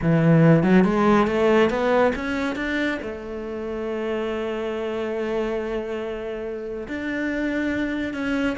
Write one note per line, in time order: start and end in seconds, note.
0.02 0.63 E3
0.63 0.84 F#3
0.84 1.27 G#3
1.27 1.70 A3
1.70 2.13 B3
2.15 2.55 C#4
2.55 2.98 D4
3.02 6.87 A3
6.88 8.13 D4
8.13 8.56 C#4